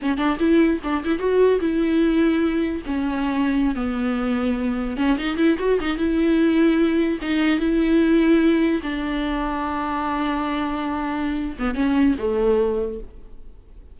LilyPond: \new Staff \with { instrumentName = "viola" } { \time 4/4 \tempo 4 = 148 cis'8 d'8 e'4 d'8 e'8 fis'4 | e'2. cis'4~ | cis'4~ cis'16 b2~ b8.~ | b16 cis'8 dis'8 e'8 fis'8 dis'8 e'4~ e'16~ |
e'4.~ e'16 dis'4 e'4~ e'16~ | e'4.~ e'16 d'2~ d'16~ | d'1~ | d'8 b8 cis'4 a2 | }